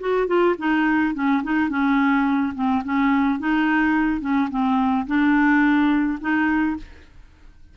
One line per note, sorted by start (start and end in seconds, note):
0.00 0.27 F#4
0.27 0.55 F4
0.58 1.14 D#4
1.14 1.42 C#4
1.43 1.69 D#4
1.69 2.53 C#4
2.55 2.83 C4
2.84 3.39 C#4
3.39 4.21 D#4
4.21 4.49 C#4
4.50 5.06 C4
5.07 6.19 D4
6.21 6.77 D#4